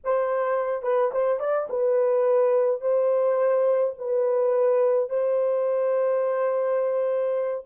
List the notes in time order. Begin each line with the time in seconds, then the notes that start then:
0.04 C5
0.82 B4
1.12 C5
1.39 D5
1.69 B4
2.81 C5
3.98 B4
5.09 C5